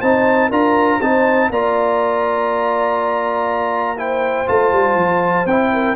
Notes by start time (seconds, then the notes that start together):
0.00 C4 D#4 C5 A5
0.49 D4 F4 A#4 A#5
1.01 C4 D#4 C5 A5
1.50 A#3 F4 D5 A#5
3.97 E4 C5 G5
4.47 A3 F4 A5
4.72 G3
4.96 F3
5.46 C4 E4 G5
5.73 A#4